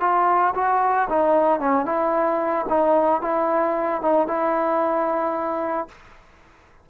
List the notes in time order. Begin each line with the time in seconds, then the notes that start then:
0.00 F4
0.55 F#4
1.09 D#4
1.60 C#4
1.85 E4
2.69 D#4
3.21 E4
4.02 D#4
4.27 E4